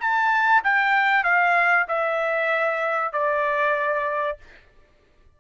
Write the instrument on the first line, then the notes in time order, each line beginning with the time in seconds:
trumpet
0.00 A5
0.64 G5
1.24 F5
1.88 E5
3.13 D5